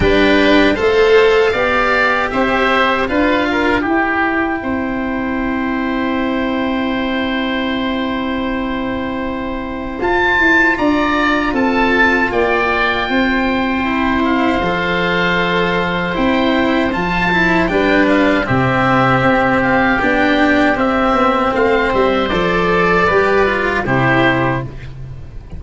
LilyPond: <<
  \new Staff \with { instrumentName = "oboe" } { \time 4/4 \tempo 4 = 78 g''4 f''2 e''4 | f''4 g''2.~ | g''1~ | g''4 a''4 ais''4 a''4 |
g''2~ g''8 f''4.~ | f''4 g''4 a''4 g''8 f''8 | e''4. f''8 g''4 e''4 | f''8 e''8 d''2 c''4 | }
  \new Staff \with { instrumentName = "oboe" } { \time 4/4 b'4 c''4 d''4 c''4 | b'8 ais'8 g'4 c''2~ | c''1~ | c''2 d''4 a'4 |
d''4 c''2.~ | c''2. b'4 | g'1 | c''2 b'4 g'4 | }
  \new Staff \with { instrumentName = "cello" } { \time 4/4 d'4 a'4 g'2 | f'4 e'2.~ | e'1~ | e'4 f'2.~ |
f'2 e'4 a'4~ | a'4 e'4 f'8 e'8 d'4 | c'2 d'4 c'4~ | c'4 a'4 g'8 f'8 e'4 | }
  \new Staff \with { instrumentName = "tuba" } { \time 4/4 g4 a4 b4 c'4 | d'4 e'4 c'2~ | c'1~ | c'4 f'8 e'8 d'4 c'4 |
ais4 c'2 f4~ | f4 c'4 f4 g4 | c4 c'4 b4 c'8 b8 | a8 g8 f4 g4 c4 | }
>>